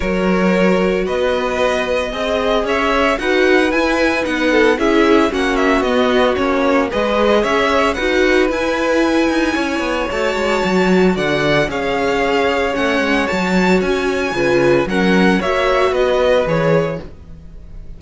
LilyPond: <<
  \new Staff \with { instrumentName = "violin" } { \time 4/4 \tempo 4 = 113 cis''2 dis''2~ | dis''4 e''4 fis''4 gis''4 | fis''4 e''4 fis''8 e''8 dis''4 | cis''4 dis''4 e''4 fis''4 |
gis''2. a''4~ | a''4 fis''4 f''2 | fis''4 a''4 gis''2 | fis''4 e''4 dis''4 cis''4 | }
  \new Staff \with { instrumentName = "violin" } { \time 4/4 ais'2 b'2 | dis''4 cis''4 b'2~ | b'8 a'8 gis'4 fis'2~ | fis'4 b'4 cis''4 b'4~ |
b'2 cis''2~ | cis''4 d''4 cis''2~ | cis''2. b'4 | ais'4 cis''4 b'2 | }
  \new Staff \with { instrumentName = "viola" } { \time 4/4 fis'1 | gis'2 fis'4 e'4 | dis'4 e'4 cis'4 b4 | cis'4 gis'2 fis'4 |
e'2. fis'4~ | fis'2 gis'2 | cis'4 fis'2 f'4 | cis'4 fis'2 gis'4 | }
  \new Staff \with { instrumentName = "cello" } { \time 4/4 fis2 b2 | c'4 cis'4 dis'4 e'4 | b4 cis'4 ais4 b4 | ais4 gis4 cis'4 dis'4 |
e'4. dis'8 cis'8 b8 a8 gis8 | fis4 d4 cis'2 | a8 gis8 fis4 cis'4 cis4 | fis4 ais4 b4 e4 | }
>>